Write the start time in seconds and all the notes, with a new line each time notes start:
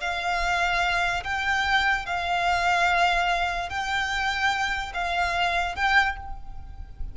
0.00 F5
1.23 G5
2.06 F5
3.69 G5
4.94 F5
5.75 G5